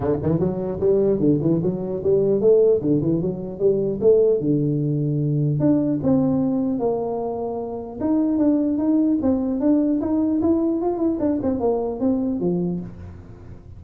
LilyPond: \new Staff \with { instrumentName = "tuba" } { \time 4/4 \tempo 4 = 150 d8 e8 fis4 g4 d8 e8 | fis4 g4 a4 d8 e8 | fis4 g4 a4 d4~ | d2 d'4 c'4~ |
c'4 ais2. | dis'4 d'4 dis'4 c'4 | d'4 dis'4 e'4 f'8 e'8 | d'8 c'8 ais4 c'4 f4 | }